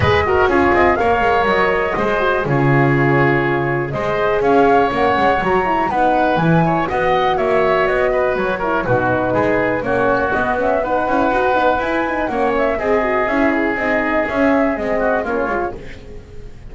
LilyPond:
<<
  \new Staff \with { instrumentName = "flute" } { \time 4/4 \tempo 4 = 122 dis''4 cis''8 dis''8 f''4 dis''4~ | dis''4 cis''2. | dis''4 f''4 fis''4 ais''4 | fis''4 gis''4 fis''4 e''4 |
dis''4 cis''4 b'2 | cis''4 dis''8 e''8 fis''2 | gis''4 fis''8 e''8 dis''4 e''8 gis'8 | dis''4 e''4 dis''4 cis''4 | }
  \new Staff \with { instrumentName = "oboe" } { \time 4/4 b'8 ais'8 gis'4 cis''2 | c''4 gis'2. | c''4 cis''2. | b'4. cis''8 dis''4 cis''4~ |
cis''8 b'4 ais'8 fis'4 gis'4 | fis'2 b'2~ | b'4 cis''4 gis'2~ | gis'2~ gis'8 fis'8 f'4 | }
  \new Staff \with { instrumentName = "horn" } { \time 4/4 gis'8 fis'8 f'4 ais'2 | gis'8 fis'8 f'2. | gis'2 cis'4 fis'8 e'8 | dis'4 e'4 fis'2~ |
fis'4. e'8 dis'2 | cis'4 b8 cis'8 dis'8 e'8 fis'8 dis'8 | e'8 dis'8 cis'4 gis'8 fis'8 e'4 | dis'4 cis'4 c'4 cis'8 f'8 | }
  \new Staff \with { instrumentName = "double bass" } { \time 4/4 gis4 cis'8 c'8 ais8 gis8 fis4 | gis4 cis2. | gis4 cis'4 ais8 gis8 fis4 | b4 e4 b4 ais4 |
b4 fis4 b,4 gis4 | ais4 b4. cis'8 dis'8 b8 | e'4 ais4 c'4 cis'4 | c'4 cis'4 gis4 ais8 gis8 | }
>>